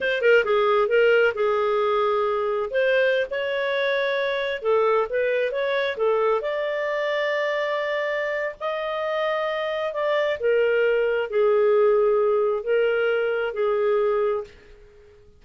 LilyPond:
\new Staff \with { instrumentName = "clarinet" } { \time 4/4 \tempo 4 = 133 c''8 ais'8 gis'4 ais'4 gis'4~ | gis'2 c''4~ c''16 cis''8.~ | cis''2~ cis''16 a'4 b'8.~ | b'16 cis''4 a'4 d''4.~ d''16~ |
d''2. dis''4~ | dis''2 d''4 ais'4~ | ais'4 gis'2. | ais'2 gis'2 | }